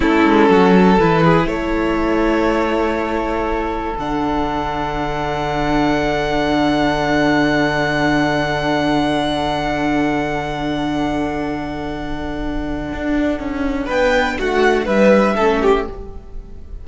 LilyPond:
<<
  \new Staff \with { instrumentName = "violin" } { \time 4/4 \tempo 4 = 121 a'2 b'4 cis''4~ | cis''1 | fis''1~ | fis''1~ |
fis''1~ | fis''1~ | fis''1 | g''4 fis''4 e''2 | }
  \new Staff \with { instrumentName = "violin" } { \time 4/4 e'4 fis'8 a'4 gis'8 a'4~ | a'1~ | a'1~ | a'1~ |
a'1~ | a'1~ | a'1 | b'4 fis'4 b'4 a'8 g'8 | }
  \new Staff \with { instrumentName = "viola" } { \time 4/4 cis'2 e'2~ | e'1 | d'1~ | d'1~ |
d'1~ | d'1~ | d'1~ | d'2. cis'4 | }
  \new Staff \with { instrumentName = "cello" } { \time 4/4 a8 gis8 fis4 e4 a4~ | a1 | d1~ | d1~ |
d1~ | d1~ | d2 d'4 cis'4 | b4 a4 g4 a4 | }
>>